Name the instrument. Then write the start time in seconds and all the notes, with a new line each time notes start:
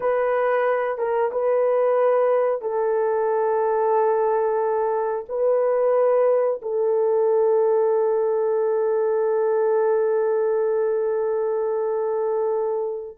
horn
0.00 B4
0.97 A#4
1.31 B4
2.61 A4
5.28 B4
6.61 A4